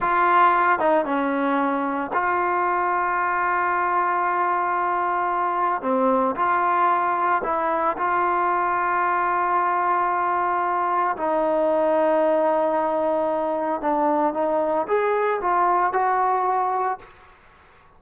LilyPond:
\new Staff \with { instrumentName = "trombone" } { \time 4/4 \tempo 4 = 113 f'4. dis'8 cis'2 | f'1~ | f'2. c'4 | f'2 e'4 f'4~ |
f'1~ | f'4 dis'2.~ | dis'2 d'4 dis'4 | gis'4 f'4 fis'2 | }